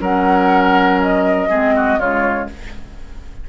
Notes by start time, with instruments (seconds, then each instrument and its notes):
0.00 bassoon F#3, clarinet C#4, oboe A#4, flute F#5
1.01 flute D#5
1.49 bassoon G#3, clarinet C4, oboe G#4
1.75 oboe F#4
1.97 bassoon C#3, clarinet G#3, oboe F4, flute C#5